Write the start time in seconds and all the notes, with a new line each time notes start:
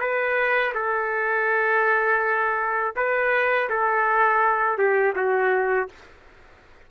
0.00 B4
0.75 A4
2.96 B4
3.70 A4
4.78 G4
5.16 F#4